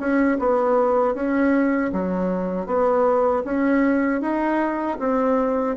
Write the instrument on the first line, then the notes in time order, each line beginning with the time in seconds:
bassoon
0.00 C#4
0.40 B3
1.15 C#4
1.93 F#3
2.67 B3
3.45 C#4
4.22 D#4
5.00 C4